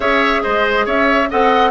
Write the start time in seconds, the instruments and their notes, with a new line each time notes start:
0.00 bassoon C#4, clarinet G#4, oboe C#5, flute E5
0.42 bassoon G#3, oboe C5, flute D#5
0.85 bassoon C#4, oboe C#5, flute E5
1.30 bassoon C4, clarinet A4, oboe D#5, flute F#5